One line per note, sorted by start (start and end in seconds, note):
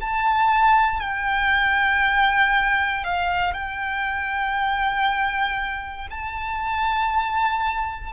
0.00 1.00 A5
1.00 3.04 G5
3.04 3.53 F5
3.53 6.07 G5
6.10 8.12 A5